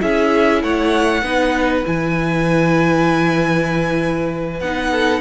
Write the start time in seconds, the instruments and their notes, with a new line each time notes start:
0.00 cello C#4, viola E4, violin G#4 E5
0.62 cello A3, violin C#5 F#5
1.22 cello B3, viola D#4, violin B4
1.84 cello E3, viola E4, violin G#5
4.60 cello B3, viola D#4, violin F#5
4.90 violin A4